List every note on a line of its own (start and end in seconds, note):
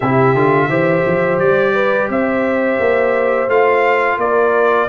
0.00 0.34 C3
0.00 0.36 E4
0.00 0.68 G4
0.00 1.38 E5
0.34 0.68 D3
0.34 0.69 F4
0.68 1.03 E3
0.68 3.48 G4
0.68 1.74 C5
1.06 1.39 F3
1.38 2.09 G3
1.38 2.08 D5
1.74 2.08 B4
2.09 2.78 C4
2.09 4.19 C5
2.09 3.49 E5
2.79 3.48 A#3
3.48 4.17 A3
3.48 4.88 F4
3.48 4.19 F5
4.17 4.87 A#3
4.17 4.88 A#4
4.17 4.88 D5